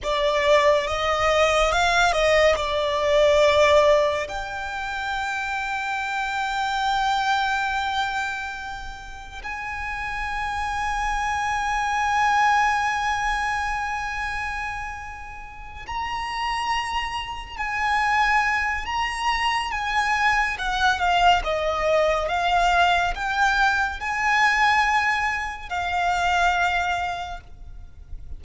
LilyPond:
\new Staff \with { instrumentName = "violin" } { \time 4/4 \tempo 4 = 70 d''4 dis''4 f''8 dis''8 d''4~ | d''4 g''2.~ | g''2. gis''4~ | gis''1~ |
gis''2~ gis''8 ais''4.~ | ais''8 gis''4. ais''4 gis''4 | fis''8 f''8 dis''4 f''4 g''4 | gis''2 f''2 | }